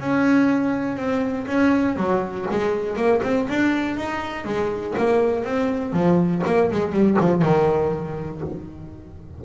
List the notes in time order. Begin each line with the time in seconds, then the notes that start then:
0.00 C#4
0.96 C4
1.47 C#4
1.96 F#3
2.51 G#3
2.96 A#3
3.23 C4
3.49 D4
3.97 D#4
4.44 G#3
4.97 A#3
5.44 C4
5.93 F3
6.46 A#3
6.71 G#3
6.92 G3
7.20 F3
7.42 D#3